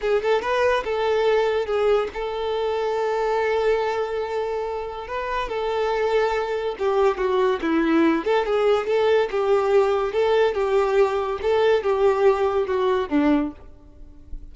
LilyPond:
\new Staff \with { instrumentName = "violin" } { \time 4/4 \tempo 4 = 142 gis'8 a'8 b'4 a'2 | gis'4 a'2.~ | a'1 | b'4 a'2. |
g'4 fis'4 e'4. a'8 | gis'4 a'4 g'2 | a'4 g'2 a'4 | g'2 fis'4 d'4 | }